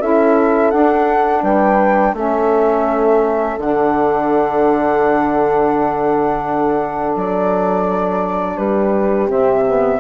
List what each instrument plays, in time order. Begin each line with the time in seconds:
0.00 bassoon C#4, saxophone E4, horn A4, flute E5
0.71 bassoon D4, saxophone D4, flute F#5
1.43 bassoon G3, horn B4, flute G5
2.13 bassoon A3, saxophone C#4, horn A4, flute E5
3.58 bassoon D3, saxophone D4, flute F#5
7.16 bassoon F#3, flute D5
8.57 bassoon G3, horn G4, flute B4
9.27 bassoon C3, saxophone C4, flute E5
9.67 saxophone B3